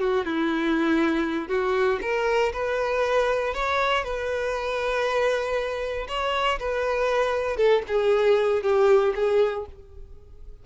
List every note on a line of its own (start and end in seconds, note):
0.00 0.25 F#4
0.25 1.49 E4
1.49 1.99 F#4
2.02 2.53 A#4
2.53 3.54 B4
3.54 4.04 C#5
4.04 6.07 B4
6.08 6.59 C#5
6.59 7.57 B4
7.57 7.82 A4
7.88 8.63 G#4
8.63 9.14 G4
9.15 9.66 G#4